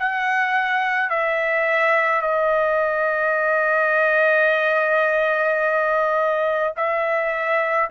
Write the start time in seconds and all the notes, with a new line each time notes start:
0.00 F#5
1.11 E5
2.22 D#5
6.77 E5